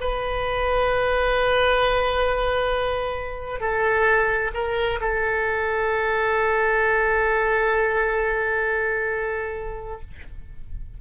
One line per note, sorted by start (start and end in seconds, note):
0.00 3.60 B4
3.60 4.51 A4
4.54 4.99 A#4
5.00 10.00 A4